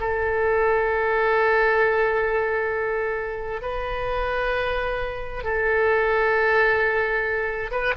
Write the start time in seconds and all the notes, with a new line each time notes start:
0.00 A4
3.62 B4
5.43 A4
7.71 B4